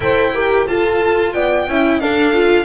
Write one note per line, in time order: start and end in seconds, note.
0.00 0.66 E4
0.00 0.32 A4
0.00 0.34 C5
0.00 0.67 G5
0.34 0.67 G4
0.34 0.67 A#4
0.67 1.34 F4
0.67 1.68 F4
0.67 1.34 A4
0.67 1.32 A5
1.32 1.67 B3
1.32 1.67 D5
1.32 1.99 G5
1.67 2.00 C#4
1.67 2.02 E4
1.67 2.01 E5
1.99 2.64 D4
1.99 2.33 D4
1.99 2.64 A4
1.99 2.64 F5
2.33 2.64 F4